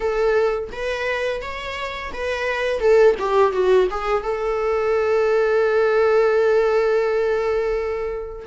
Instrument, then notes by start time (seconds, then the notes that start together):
viola
0.00 A4
0.72 B4
1.41 C#5
2.13 B4
2.80 A4
3.19 G4
3.52 F#4
3.90 G#4
4.23 A4